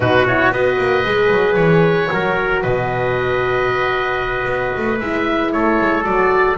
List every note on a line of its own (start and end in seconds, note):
0.00 0.51 B2
0.00 0.26 D#4
0.00 0.53 F#4
0.00 0.26 B4
0.27 0.53 E4
0.27 0.52 C#5
0.51 0.77 B3
0.51 1.04 F#4
0.51 2.11 B4
0.51 1.55 D#5
0.78 1.04 A#3
1.04 1.30 G#3
1.04 2.09 G#4
1.30 1.56 F#3
1.55 2.09 E3
1.55 2.60 C#5
2.09 2.64 F#3
2.09 4.99 F#4
2.09 2.62 A#4
2.62 4.45 B2
2.62 5.52 B4
2.62 4.99 D#5
4.45 4.71 B3
4.77 5.00 A3
4.99 5.53 G#3
4.99 6.04 E4
4.99 5.52 E5
5.52 5.79 A3
5.52 6.57 A4
5.52 6.04 C#5
5.80 6.06 G#3
6.04 6.57 F#3
6.04 6.56 F#4
6.04 6.56 D5